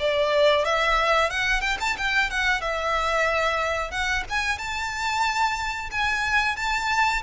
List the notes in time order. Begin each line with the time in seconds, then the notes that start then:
0.00 D5
0.66 E5
1.31 F#5
1.62 G5
1.81 A5
1.98 G5
2.31 F#5
2.61 E5
3.91 F#5
4.30 G#5
4.59 A5
5.92 G#5
6.57 A5